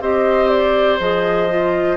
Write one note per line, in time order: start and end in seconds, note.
0.00 0.98 C4
0.00 0.99 G4
0.00 1.97 C5
0.00 0.49 D#5
0.49 0.98 D5
0.99 1.97 F3
0.99 1.49 G#4
0.99 1.97 D#5
1.49 1.97 F4